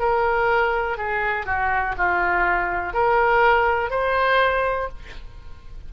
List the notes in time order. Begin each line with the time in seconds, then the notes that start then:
0.00 A#4
0.98 G#4
1.46 F#4
1.98 F4
2.94 A#4
3.91 C5